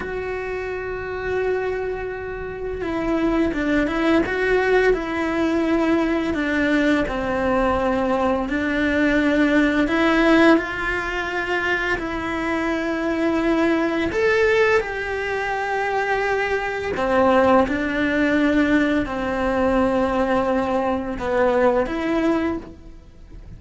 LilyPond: \new Staff \with { instrumentName = "cello" } { \time 4/4 \tempo 4 = 85 fis'1 | e'4 d'8 e'8 fis'4 e'4~ | e'4 d'4 c'2 | d'2 e'4 f'4~ |
f'4 e'2. | a'4 g'2. | c'4 d'2 c'4~ | c'2 b4 e'4 | }